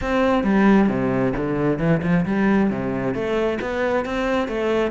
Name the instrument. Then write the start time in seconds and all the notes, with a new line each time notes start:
cello
0.01 C4
0.43 G3
0.88 C3
1.36 D3
1.78 E3
2.02 F3
2.25 G3
2.70 C3
3.14 A3
3.61 B3
4.05 C4
4.48 A3